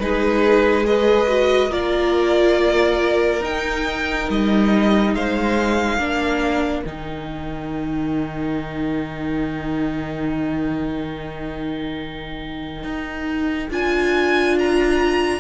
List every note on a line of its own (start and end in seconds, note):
0.00 1.71 G#3
0.00 0.84 D#4
0.00 0.86 G#4
0.00 0.86 B4
0.84 1.27 G#4
0.84 1.69 B4
0.84 1.72 D#5
1.28 1.71 F#4
1.69 3.41 A#3
1.69 3.42 F4
1.69 5.12 A#4
1.69 3.44 D5
3.41 4.27 D#4
3.41 5.99 D#4
3.41 4.30 G5
4.29 5.15 G3
4.29 5.15 D#5
5.15 5.98 G#3
5.15 6.00 C5
5.15 6.84 F5
5.98 6.84 A#3
5.98 6.85 D4
5.98 15.41 A#4
6.84 12.84 D#3
6.84 13.72 D#4
6.84 13.70 G5
12.84 13.69 D#4
13.70 15.41 D4
13.70 15.41 F4
13.70 14.58 G#5
14.59 15.41 A#5